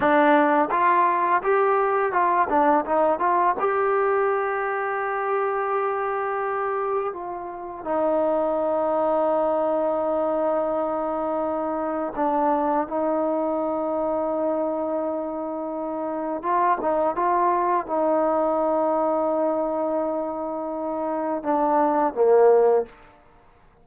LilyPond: \new Staff \with { instrumentName = "trombone" } { \time 4/4 \tempo 4 = 84 d'4 f'4 g'4 f'8 d'8 | dis'8 f'8 g'2.~ | g'2 f'4 dis'4~ | dis'1~ |
dis'4 d'4 dis'2~ | dis'2. f'8 dis'8 | f'4 dis'2.~ | dis'2 d'4 ais4 | }